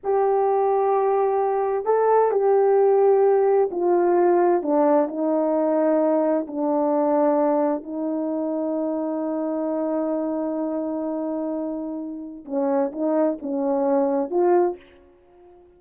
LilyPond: \new Staff \with { instrumentName = "horn" } { \time 4/4 \tempo 4 = 130 g'1 | a'4 g'2. | f'2 d'4 dis'4~ | dis'2 d'2~ |
d'4 dis'2.~ | dis'1~ | dis'2. cis'4 | dis'4 cis'2 f'4 | }